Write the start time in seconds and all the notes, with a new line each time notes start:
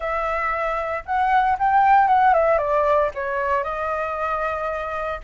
0.00 E5
1.05 F#5
1.58 G5
2.07 F#5
2.33 E5
2.58 D5
3.14 C#5
3.63 D#5